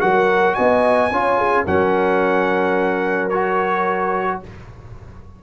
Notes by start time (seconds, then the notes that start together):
0.00 F#3 F#4 A#4 F#5
0.54 B3 D#5 G#5
1.11 C#4 F4 C#5
1.38 G#4
1.65 F#3 C#4 A#4 F#5
3.29 F#4 C#5